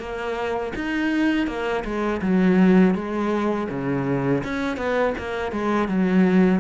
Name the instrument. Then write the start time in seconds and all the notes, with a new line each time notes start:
cello
0.00 A#3
0.76 D#4
1.47 A#3
1.85 G#3
2.22 F#3
2.95 G#3
3.70 C#3
4.44 C#4
4.77 B3
5.19 A#3
5.52 G#3
5.88 F#3